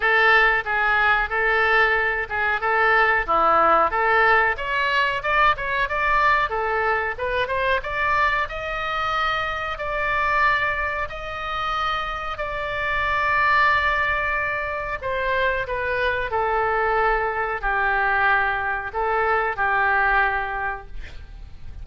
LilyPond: \new Staff \with { instrumentName = "oboe" } { \time 4/4 \tempo 4 = 92 a'4 gis'4 a'4. gis'8 | a'4 e'4 a'4 cis''4 | d''8 cis''8 d''4 a'4 b'8 c''8 | d''4 dis''2 d''4~ |
d''4 dis''2 d''4~ | d''2. c''4 | b'4 a'2 g'4~ | g'4 a'4 g'2 | }